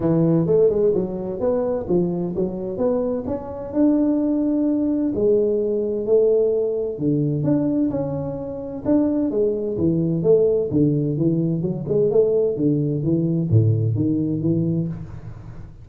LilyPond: \new Staff \with { instrumentName = "tuba" } { \time 4/4 \tempo 4 = 129 e4 a8 gis8 fis4 b4 | f4 fis4 b4 cis'4 | d'2. gis4~ | gis4 a2 d4 |
d'4 cis'2 d'4 | gis4 e4 a4 d4 | e4 fis8 gis8 a4 d4 | e4 a,4 dis4 e4 | }